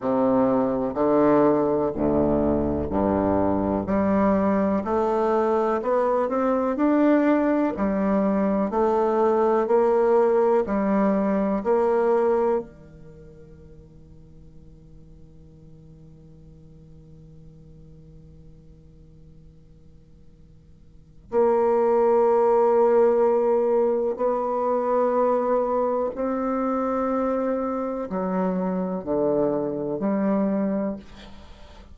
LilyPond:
\new Staff \with { instrumentName = "bassoon" } { \time 4/4 \tempo 4 = 62 c4 d4 d,4 g,4 | g4 a4 b8 c'8 d'4 | g4 a4 ais4 g4 | ais4 dis2.~ |
dis1~ | dis2 ais2~ | ais4 b2 c'4~ | c'4 fis4 d4 g4 | }